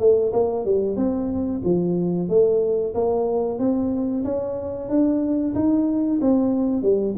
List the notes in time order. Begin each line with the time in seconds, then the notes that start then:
0.00 A3
0.33 A#3
0.66 G3
0.97 C4
1.65 F3
2.29 A3
2.95 A#3
3.59 C4
4.25 C#4
4.89 D4
5.55 D#4
6.21 C4
6.82 G3